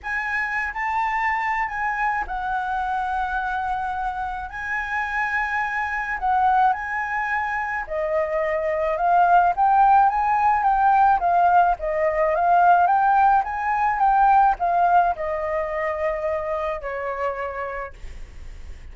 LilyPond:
\new Staff \with { instrumentName = "flute" } { \time 4/4 \tempo 4 = 107 gis''4~ gis''16 a''4.~ a''16 gis''4 | fis''1 | gis''2. fis''4 | gis''2 dis''2 |
f''4 g''4 gis''4 g''4 | f''4 dis''4 f''4 g''4 | gis''4 g''4 f''4 dis''4~ | dis''2 cis''2 | }